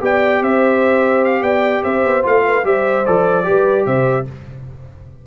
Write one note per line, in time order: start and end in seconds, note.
0.00 0.41 B3
0.00 2.22 G4
0.00 0.42 D5
0.00 0.43 G5
0.41 1.42 C4
0.41 1.42 C5
0.41 1.24 E5
1.24 1.42 F5
1.42 1.82 B3
1.42 1.82 D5
1.42 1.83 G5
1.82 2.04 C4
1.82 2.43 C5
1.82 2.24 E5
2.04 2.24 B3
2.22 2.64 A3
2.22 2.63 F4
2.22 2.65 F5
2.46 2.66 B4
2.64 3.04 G3
2.64 3.04 G4
2.64 3.47 C5
2.64 3.05 E5
3.05 3.49 F3
3.05 3.44 A4
3.05 3.86 D5
3.44 3.86 G3
3.44 4.25 G4
3.44 3.86 B4
3.86 4.26 C3
3.86 4.26 C5
3.86 4.26 E5